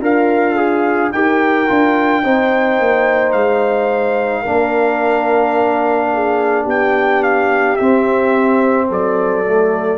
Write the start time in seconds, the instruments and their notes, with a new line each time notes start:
0.00 tuba D4, horn F4, trombone A#4, trumpet F5
0.56 trombone G#4
1.12 tuba D#4, trombone G4, horn A#4, trumpet G5
1.68 tuba D4, trombone F4
2.24 tuba C4, trombone D#4, horn C5
2.79 tuba A#3
3.32 tuba G#3, trumpet F5
4.43 tuba A#3, trombone D4, horn A#4
6.14 horn G#4
6.64 tuba B3, horn G4, trumpet G5
7.23 trumpet F5
7.76 trombone C4, tuba C4, trumpet E5
8.88 tuba F#3, horn A4, trumpet D5
9.44 trombone A3